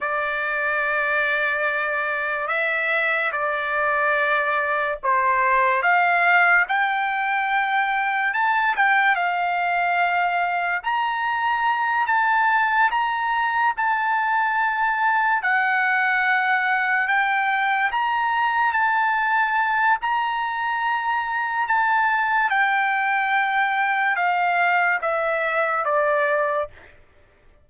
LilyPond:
\new Staff \with { instrumentName = "trumpet" } { \time 4/4 \tempo 4 = 72 d''2. e''4 | d''2 c''4 f''4 | g''2 a''8 g''8 f''4~ | f''4 ais''4. a''4 ais''8~ |
ais''8 a''2 fis''4.~ | fis''8 g''4 ais''4 a''4. | ais''2 a''4 g''4~ | g''4 f''4 e''4 d''4 | }